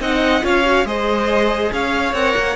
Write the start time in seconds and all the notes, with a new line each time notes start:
0.00 C4 D#4 D#5 F#5
0.42 C#4 F4 C#5 F5
0.65 F#4
0.85 G#3 G#4 C5 D#5
1.72 C#4 C#5 F5
2.13 C4 A#4 F#5
2.37 A#3